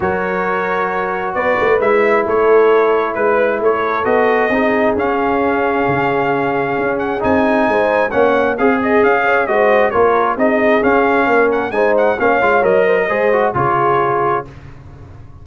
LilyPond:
<<
  \new Staff \with { instrumentName = "trumpet" } { \time 4/4 \tempo 4 = 133 cis''2. d''4 | e''4 cis''2 b'4 | cis''4 dis''2 f''4~ | f''2.~ f''8 fis''8 |
gis''2 fis''4 f''8 dis''8 | f''4 dis''4 cis''4 dis''4 | f''4. fis''8 gis''8 fis''8 f''4 | dis''2 cis''2 | }
  \new Staff \with { instrumentName = "horn" } { \time 4/4 ais'2. b'4~ | b'4 a'2 b'4 | a'2 gis'2~ | gis'1~ |
gis'4 c''4 cis''4 gis'4~ | gis'8 cis''8 c''4 ais'4 gis'4~ | gis'4 ais'4 c''4 cis''4~ | cis''8 c''16 ais'16 c''4 gis'2 | }
  \new Staff \with { instrumentName = "trombone" } { \time 4/4 fis'1 | e'1~ | e'4 fis'4 dis'4 cis'4~ | cis'1 |
dis'2 cis'4 gis'4~ | gis'4 fis'4 f'4 dis'4 | cis'2 dis'4 cis'8 f'8 | ais'4 gis'8 fis'8 f'2 | }
  \new Staff \with { instrumentName = "tuba" } { \time 4/4 fis2. b8 a8 | gis4 a2 gis4 | a4 b4 c'4 cis'4~ | cis'4 cis2 cis'4 |
c'4 gis4 ais4 c'4 | cis'4 gis4 ais4 c'4 | cis'4 ais4 gis4 ais8 gis8 | fis4 gis4 cis2 | }
>>